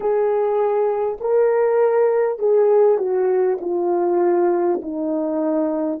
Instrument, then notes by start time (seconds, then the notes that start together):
horn
0.00 G#4
1.20 A#4
2.38 G#4
2.98 F#4
3.60 F4
4.82 D#4